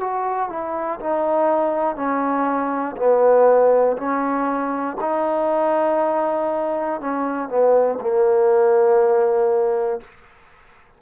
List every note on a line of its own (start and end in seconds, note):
0.00 0.50 F#4
0.50 1.00 E4
1.00 1.96 D#4
1.96 2.96 C#4
2.97 3.97 B3
3.97 4.97 C#4
5.01 7.01 D#4
7.01 7.49 C#4
7.49 7.99 B3
8.00 10.00 A#3